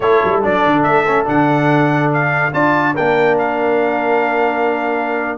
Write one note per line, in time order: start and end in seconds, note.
0.00 0.21 A3
0.00 0.42 E4
0.00 2.53 A4
0.00 0.41 C#5
0.23 0.44 G3
0.42 0.65 F#3
0.42 1.05 D4
0.42 0.83 D5
0.65 0.85 D3
0.83 1.27 A3
0.83 1.25 E5
1.07 1.25 C#4
1.25 2.53 D3
1.25 2.51 D4
1.25 2.12 F#5
2.13 2.53 F5
2.52 2.95 D4
2.52 2.94 F4
2.52 2.94 D5
2.52 2.95 A5
2.94 5.38 A#3
2.94 5.38 D4
2.94 5.37 A#4
2.94 3.38 G5
3.38 5.38 F5